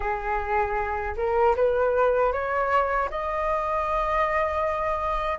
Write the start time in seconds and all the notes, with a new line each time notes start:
0.00 G#4
1.16 A#4
1.56 B4
2.32 C#5
3.10 D#5